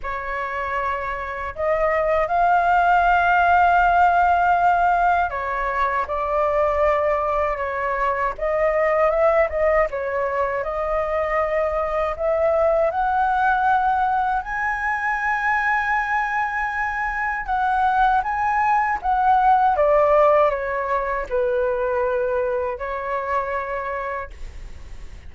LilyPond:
\new Staff \with { instrumentName = "flute" } { \time 4/4 \tempo 4 = 79 cis''2 dis''4 f''4~ | f''2. cis''4 | d''2 cis''4 dis''4 | e''8 dis''8 cis''4 dis''2 |
e''4 fis''2 gis''4~ | gis''2. fis''4 | gis''4 fis''4 d''4 cis''4 | b'2 cis''2 | }